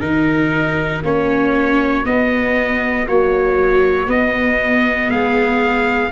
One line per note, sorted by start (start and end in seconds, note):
0.00 1.03 D#3
0.00 1.03 D#4
0.00 5.08 F#4
0.00 1.02 A#4
1.03 2.05 A#3
1.03 2.05 C#4
1.03 2.05 C#5
2.05 3.07 B3
2.05 3.08 B3
2.05 3.07 D#5
3.08 4.07 F#3
3.08 4.07 A#3
3.08 4.10 C#5
4.07 6.10 B3
4.07 5.09 B3
4.07 5.10 D#5
5.08 6.11 G#3
5.08 6.10 G#4
5.08 6.12 F5